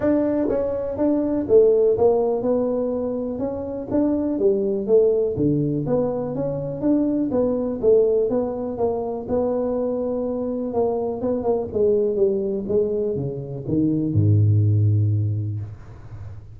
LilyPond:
\new Staff \with { instrumentName = "tuba" } { \time 4/4 \tempo 4 = 123 d'4 cis'4 d'4 a4 | ais4 b2 cis'4 | d'4 g4 a4 d4 | b4 cis'4 d'4 b4 |
a4 b4 ais4 b4~ | b2 ais4 b8 ais8 | gis4 g4 gis4 cis4 | dis4 gis,2. | }